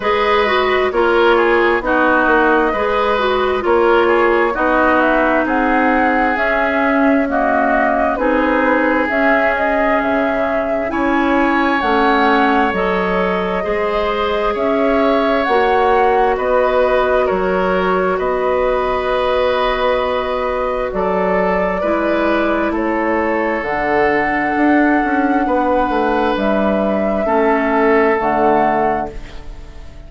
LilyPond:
<<
  \new Staff \with { instrumentName = "flute" } { \time 4/4 \tempo 4 = 66 dis''4 cis''4 dis''2 | cis''4 dis''8 e''8 fis''4 e''4 | dis''4 b'4 e''8 dis''8 e''4 | gis''4 fis''4 dis''2 |
e''4 fis''4 dis''4 cis''4 | dis''2. d''4~ | d''4 cis''4 fis''2~ | fis''4 e''2 fis''4 | }
  \new Staff \with { instrumentName = "oboe" } { \time 4/4 b'4 ais'8 gis'8 fis'4 b'4 | ais'8 gis'8 fis'4 gis'2 | fis'4 gis'2. | cis''2. c''4 |
cis''2 b'4 ais'4 | b'2. a'4 | b'4 a'2. | b'2 a'2 | }
  \new Staff \with { instrumentName = "clarinet" } { \time 4/4 gis'8 fis'8 f'4 dis'4 gis'8 fis'8 | f'4 dis'2 cis'4 | ais4 dis'4 cis'2 | e'4 cis'4 a'4 gis'4~ |
gis'4 fis'2.~ | fis'1 | e'2 d'2~ | d'2 cis'4 a4 | }
  \new Staff \with { instrumentName = "bassoon" } { \time 4/4 gis4 ais4 b8 ais8 gis4 | ais4 b4 c'4 cis'4~ | cis'4 c'4 cis'4 cis4 | cis'4 a4 fis4 gis4 |
cis'4 ais4 b4 fis4 | b2. fis4 | gis4 a4 d4 d'8 cis'8 | b8 a8 g4 a4 d4 | }
>>